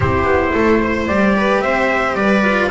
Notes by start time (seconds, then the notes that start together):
0.00 C4 E4 G4 C5
0.23 B3
0.53 A3 A4
0.83 C5
1.07 G3 G4 D5
1.36 B4
1.60 C4 C5 E5
2.14 G3 B4 D5
2.43 F4